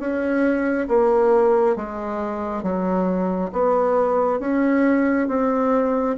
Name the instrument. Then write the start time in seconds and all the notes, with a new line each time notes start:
bassoon
0.00 C#4
0.88 A#3
1.76 G#3
2.63 F#3
3.53 B3
4.40 C#4
5.29 C4